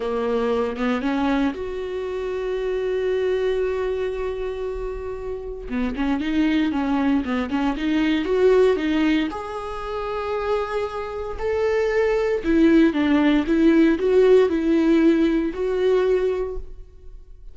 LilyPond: \new Staff \with { instrumentName = "viola" } { \time 4/4 \tempo 4 = 116 ais4. b8 cis'4 fis'4~ | fis'1~ | fis'2. b8 cis'8 | dis'4 cis'4 b8 cis'8 dis'4 |
fis'4 dis'4 gis'2~ | gis'2 a'2 | e'4 d'4 e'4 fis'4 | e'2 fis'2 | }